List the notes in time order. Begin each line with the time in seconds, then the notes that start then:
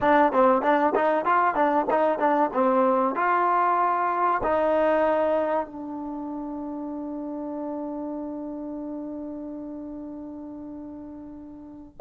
0.00 D4
0.32 C4
0.61 D4
0.95 D#4
1.25 F4
1.54 D4
1.90 D#4
2.18 D4
2.53 C4
3.15 F4
4.43 D#4
5.66 D4